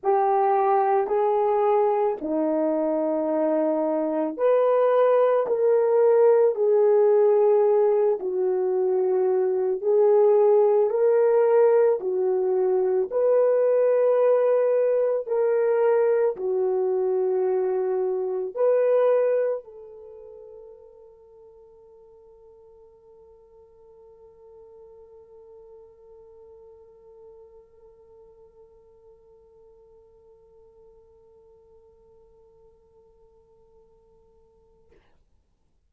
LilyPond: \new Staff \with { instrumentName = "horn" } { \time 4/4 \tempo 4 = 55 g'4 gis'4 dis'2 | b'4 ais'4 gis'4. fis'8~ | fis'4 gis'4 ais'4 fis'4 | b'2 ais'4 fis'4~ |
fis'4 b'4 a'2~ | a'1~ | a'1~ | a'1 | }